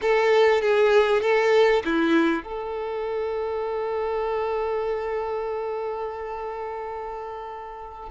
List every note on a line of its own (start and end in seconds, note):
0.01 0.61 A4
0.61 1.21 G#4
1.21 1.83 A4
1.85 2.43 E4
2.43 8.09 A4